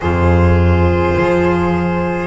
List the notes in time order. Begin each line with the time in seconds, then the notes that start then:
0.00 F2 F4 G#4 C5
1.16 F3